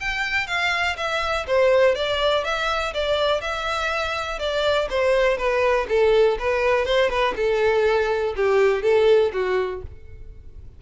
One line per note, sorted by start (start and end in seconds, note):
0.00 0.46 G5
0.46 0.96 F5
0.97 1.46 E5
1.47 1.95 C5
1.95 2.44 D5
2.44 2.93 E5
2.94 3.40 D5
3.40 4.39 E5
4.39 4.88 D5
4.90 5.37 C5
5.37 5.86 B4
5.89 6.38 A4
6.39 6.85 B4
6.85 7.10 C5
7.10 7.34 B4
7.36 8.35 A4
8.36 8.82 G4
8.82 9.32 A4
9.33 9.82 F#4